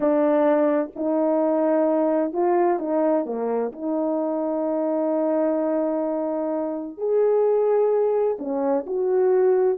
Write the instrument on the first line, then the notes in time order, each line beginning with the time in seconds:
horn
0.00 D4
0.95 D#4
2.33 F4
2.79 D#4
3.25 A#3
3.72 D#4
6.97 G#4
8.38 C#4
8.86 F#4